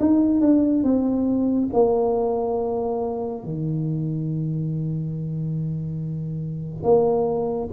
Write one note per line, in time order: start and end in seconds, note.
0.00 0.41 D#4
0.41 0.83 D4
0.83 1.69 C4
1.73 3.44 A#3
3.44 6.83 D#3
6.83 7.68 A#3